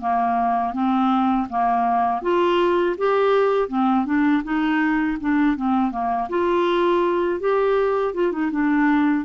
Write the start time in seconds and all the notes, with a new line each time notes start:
0.00 A#3
0.73 C4
1.49 A#3
2.22 F4
2.98 G4
3.69 C4
4.06 D4
4.44 D#4
5.21 D4
5.57 C4
5.92 A#3
6.29 F4
7.40 G4
8.14 F4
8.32 D#4
8.51 D4